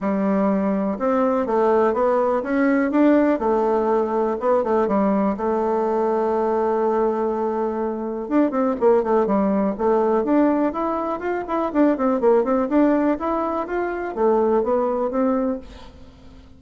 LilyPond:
\new Staff \with { instrumentName = "bassoon" } { \time 4/4 \tempo 4 = 123 g2 c'4 a4 | b4 cis'4 d'4 a4~ | a4 b8 a8 g4 a4~ | a1~ |
a4 d'8 c'8 ais8 a8 g4 | a4 d'4 e'4 f'8 e'8 | d'8 c'8 ais8 c'8 d'4 e'4 | f'4 a4 b4 c'4 | }